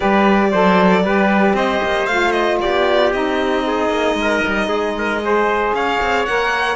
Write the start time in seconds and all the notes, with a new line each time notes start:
0.00 G3 G4 B4 D5
0.51 F#3 A4 C5
1.04 G3 G4 B4
1.53 C4 C5 D#5
1.82 A#3
2.06 A3 F4 F5
2.31 D#5
2.61 B3 G4 D5
3.12 C4 D#4 D#5
3.66 G#4
3.89 A#3
4.14 G#3
4.21 A#4
4.46 G3
4.67 G#3 G#4
4.97 A#4
5.23 G#4 C5
5.73 C#4 C#5 F5
6.01 C4
6.25 A#3 A#4 F#5